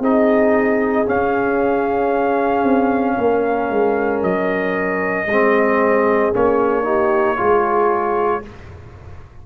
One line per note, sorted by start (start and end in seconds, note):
0.00 1.05 C4
0.00 1.06 D#4
0.00 3.16 G#4
0.00 1.09 D#5
1.06 5.27 C#4
1.06 2.64 C#4
1.06 4.23 F5
2.64 3.17 C4
3.18 3.70 A#3
3.18 5.28 A#4
3.70 4.23 G#3
4.23 5.26 F#3
4.23 6.34 D#5
5.26 6.31 G#3
5.26 6.85 G#4
5.32 6.33 C4
6.33 7.40 A#3
6.33 6.85 C#4
6.33 8.46 C#5
6.85 7.37 D#4
6.85 7.36 G4
7.36 8.46 G#3
7.36 8.42 F4
7.36 8.41 G#4